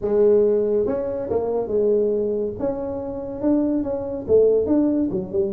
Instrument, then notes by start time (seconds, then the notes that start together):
tuba
0.01 G#3
0.86 C#4
1.30 A#3
1.67 G#3
2.59 C#4
3.41 D4
3.83 C#4
4.27 A3
4.66 D4
5.11 F#3
5.32 G3